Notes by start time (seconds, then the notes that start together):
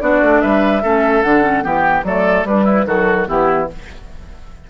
0.00 B3 D4 F#4 D5
0.21 A3
0.41 G3 B4 E5
0.82 A3 C#4 A4
1.22 D3 D4 F#5
1.42 C#4
1.62 E3 B3 G4 G5
2.03 F#3 A3 A4 D5
2.44 G3 D4 B4
2.64 E4
2.86 D#3 F#3 F#4 A4
3.27 E3 B3 E4 G4